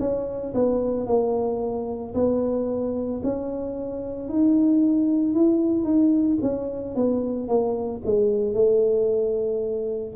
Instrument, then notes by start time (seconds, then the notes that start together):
tuba
0.00 C#4
0.55 B3
1.07 A#3
2.14 B3
3.24 C#4
4.29 D#4
5.35 E4
5.84 D#4
6.42 C#4
6.96 B3
7.49 A#3
8.06 G#3
8.54 A3